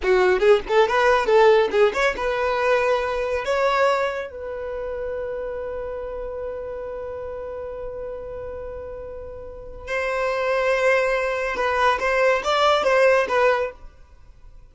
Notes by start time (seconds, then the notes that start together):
0.02 F#4
0.39 G#4
0.68 A4
0.87 B4
1.26 A4
1.71 G#4
1.93 C#5
2.16 B4
3.45 C#5
4.31 B4
9.87 C5
11.56 B4
11.99 C5
12.44 D5
12.83 C5
13.28 B4